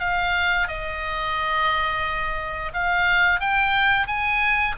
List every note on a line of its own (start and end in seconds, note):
0.00 0.68 F5
0.68 2.72 D#5
2.73 3.40 F5
3.40 4.07 G5
4.07 4.75 G#5